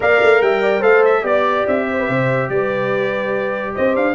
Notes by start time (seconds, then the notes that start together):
0.00 A#3 A#4 D5 F5
0.22 A3
0.41 G3 E5 G5
0.62 D5
0.80 A3 A4 C5 F5
1.04 E5
1.22 B3 G4 D5
1.67 C4 E5
1.90 C5
1.99 B4
2.08 C3 C5
2.49 G3 B4 D5
3.75 C4 C5 D#5
3.95 D4 F5